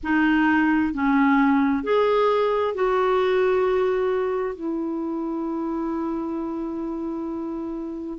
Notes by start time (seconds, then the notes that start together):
0.02 D#4
0.93 C#4
1.83 G#4
2.74 F#4
4.55 E4